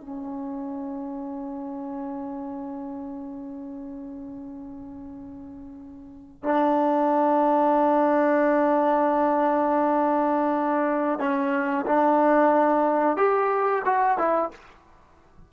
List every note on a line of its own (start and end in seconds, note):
0.00 6.43 C#4
6.43 11.19 D4
11.19 11.85 C#4
11.86 13.16 D4
13.16 13.82 G4
13.85 14.18 F#4
14.18 14.51 E4